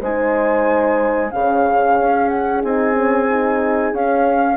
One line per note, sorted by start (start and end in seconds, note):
0.00 1.32 G#3
0.00 1.30 D#4
0.00 1.30 C5
0.00 1.31 G#5
1.30 1.99 C#3
1.30 2.61 C#4
1.30 4.57 G#4
1.30 2.29 F5
2.00 2.63 C#4
2.29 2.61 F#5
2.62 3.93 C4
2.62 2.93 D#4
2.62 3.95 G#5
2.93 3.26 C#4
3.30 3.95 D#4
3.93 4.57 C#4
3.93 4.57 F5